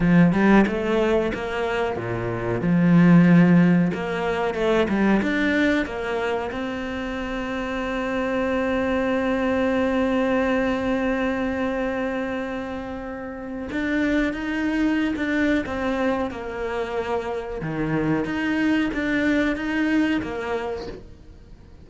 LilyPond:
\new Staff \with { instrumentName = "cello" } { \time 4/4 \tempo 4 = 92 f8 g8 a4 ais4 ais,4 | f2 ais4 a8 g8 | d'4 ais4 c'2~ | c'1~ |
c'1~ | c'4 d'4 dis'4~ dis'16 d'8. | c'4 ais2 dis4 | dis'4 d'4 dis'4 ais4 | }